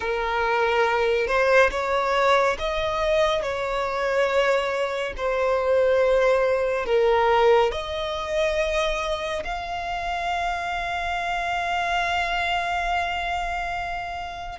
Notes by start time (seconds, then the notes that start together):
0.00 A#4
1.27 C5
1.71 C#5
2.58 D#5
3.42 C#5
5.17 C5
6.85 A#4
7.71 D#5
9.44 F5